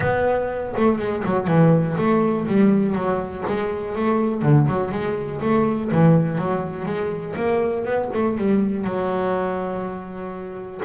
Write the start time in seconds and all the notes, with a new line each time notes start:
0.00 B3
0.76 A3
0.98 G#3
1.25 F#3
1.47 E3
1.97 A3
2.47 G3
2.94 F#3
3.47 G#3
3.95 A3
4.42 D3
4.67 F#3
4.91 G#3
5.41 A3
5.91 E3
6.38 F#3
6.85 G#3
7.36 A#3
7.84 B3
8.13 A3
8.37 G3
8.84 F#3